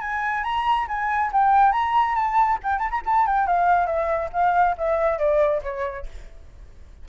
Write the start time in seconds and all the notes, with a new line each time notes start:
0.00 G#5
0.43 A#5
0.88 G#5
1.32 G5
1.72 A#5
2.15 A5
2.63 G5
2.79 A5
2.90 A#5
3.05 A5
3.26 G5
3.46 F5
3.86 E5
4.32 F5
4.77 E5
5.18 D5
5.62 C#5